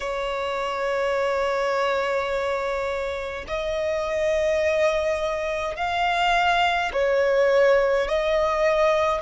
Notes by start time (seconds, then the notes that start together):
0.00 C#5
3.47 D#5
5.76 F5
6.92 C#5
8.08 D#5